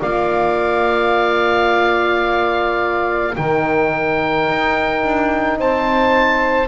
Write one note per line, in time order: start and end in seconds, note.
0.00 3.36 A#3
0.00 3.34 F4
0.00 3.33 D5
0.00 3.36 F5
3.36 4.49 D#3
3.36 6.68 D#4
3.36 5.59 A#4
3.36 5.58 G5
4.49 5.04 D#4
5.04 5.58 D4
5.58 6.68 C4
5.58 6.68 C5
5.58 6.68 A5